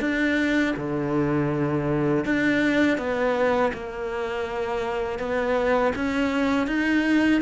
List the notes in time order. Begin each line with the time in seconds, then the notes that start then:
0.00 D4
0.76 D3
2.25 D4
2.98 B3
3.73 A#3
5.19 B3
5.95 C#4
6.67 D#4